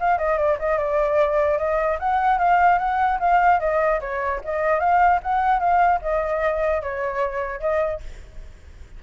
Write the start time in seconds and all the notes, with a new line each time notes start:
0.00 F5
0.18 D#5
0.38 D5
0.59 D#5
0.78 D5
1.58 D#5
1.99 F#5
2.38 F5
2.79 F#5
3.20 F5
3.60 D#5
4.01 C#5
4.44 D#5
4.80 F5
5.23 F#5
5.60 F5
6.02 D#5
6.82 C#5
7.60 D#5